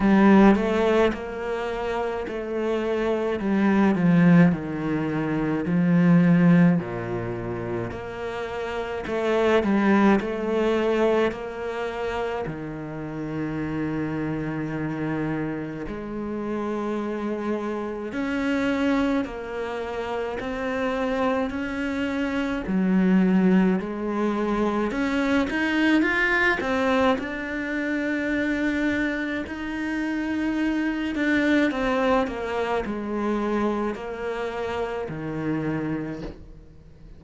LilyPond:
\new Staff \with { instrumentName = "cello" } { \time 4/4 \tempo 4 = 53 g8 a8 ais4 a4 g8 f8 | dis4 f4 ais,4 ais4 | a8 g8 a4 ais4 dis4~ | dis2 gis2 |
cis'4 ais4 c'4 cis'4 | fis4 gis4 cis'8 dis'8 f'8 c'8 | d'2 dis'4. d'8 | c'8 ais8 gis4 ais4 dis4 | }